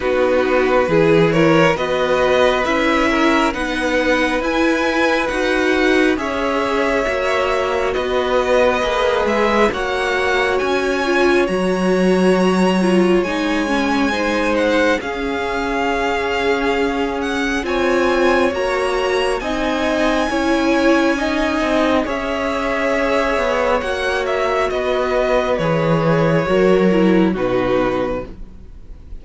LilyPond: <<
  \new Staff \with { instrumentName = "violin" } { \time 4/4 \tempo 4 = 68 b'4. cis''8 dis''4 e''4 | fis''4 gis''4 fis''4 e''4~ | e''4 dis''4. e''8 fis''4 | gis''4 ais''2 gis''4~ |
gis''8 fis''8 f''2~ f''8 fis''8 | gis''4 ais''4 gis''2~ | gis''4 e''2 fis''8 e''8 | dis''4 cis''2 b'4 | }
  \new Staff \with { instrumentName = "violin" } { \time 4/4 fis'4 gis'8 ais'8 b'4. ais'8 | b'2. cis''4~ | cis''4 b'2 cis''4~ | cis''1 |
c''4 gis'2. | cis''2 dis''4 cis''4 | dis''4 cis''2. | b'2 ais'4 fis'4 | }
  \new Staff \with { instrumentName = "viola" } { \time 4/4 dis'4 e'4 fis'4 e'4 | dis'4 e'4 fis'4 gis'4 | fis'2 gis'4 fis'4~ | fis'8 f'8 fis'4. f'8 dis'8 cis'8 |
dis'4 cis'2. | f'4 fis'4 dis'4 e'4 | dis'4 gis'2 fis'4~ | fis'4 gis'4 fis'8 e'8 dis'4 | }
  \new Staff \with { instrumentName = "cello" } { \time 4/4 b4 e4 b4 cis'4 | b4 e'4 dis'4 cis'4 | ais4 b4 ais8 gis8 ais4 | cis'4 fis2 gis4~ |
gis4 cis'2. | c'4 ais4 c'4 cis'4~ | cis'8 c'8 cis'4. b8 ais4 | b4 e4 fis4 b,4 | }
>>